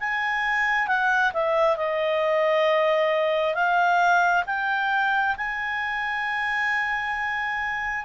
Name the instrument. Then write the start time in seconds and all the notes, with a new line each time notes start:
clarinet
0.00 G#5
0.88 F#5
1.33 E5
1.77 D#5
3.54 F5
4.46 G5
5.37 G#5